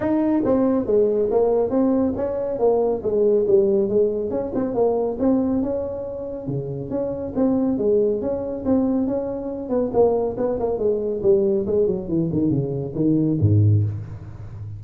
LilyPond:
\new Staff \with { instrumentName = "tuba" } { \time 4/4 \tempo 4 = 139 dis'4 c'4 gis4 ais4 | c'4 cis'4 ais4 gis4 | g4 gis4 cis'8 c'8 ais4 | c'4 cis'2 cis4 |
cis'4 c'4 gis4 cis'4 | c'4 cis'4. b8 ais4 | b8 ais8 gis4 g4 gis8 fis8 | e8 dis8 cis4 dis4 gis,4 | }